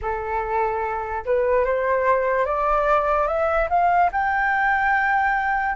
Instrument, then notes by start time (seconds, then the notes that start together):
flute
0.01 A4
1.25 B4
1.64 C5
2.45 D5
3.27 E5
3.69 F5
4.11 G5